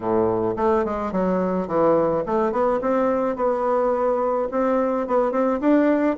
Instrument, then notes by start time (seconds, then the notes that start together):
bassoon
0.00 A2
0.56 A3
0.85 G#3
1.12 F#3
1.67 E3
2.26 A3
2.51 B3
2.81 C4
3.36 B3
4.51 C4
5.07 B3
5.31 C4
5.60 D4